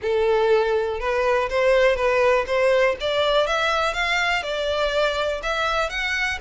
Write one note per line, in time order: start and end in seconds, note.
0.01 1.00 A4
1.00 1.49 B4
1.49 1.96 C5
1.96 2.45 B4
2.46 2.96 C5
3.00 3.46 D5
3.46 3.93 E5
3.93 4.42 F5
4.42 5.41 D5
5.42 5.89 E5
5.89 6.38 F#5